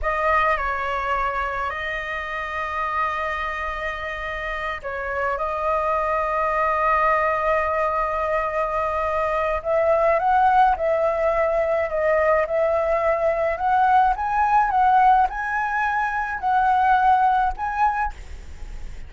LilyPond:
\new Staff \with { instrumentName = "flute" } { \time 4/4 \tempo 4 = 106 dis''4 cis''2 dis''4~ | dis''1~ | dis''8 cis''4 dis''2~ dis''8~ | dis''1~ |
dis''4 e''4 fis''4 e''4~ | e''4 dis''4 e''2 | fis''4 gis''4 fis''4 gis''4~ | gis''4 fis''2 gis''4 | }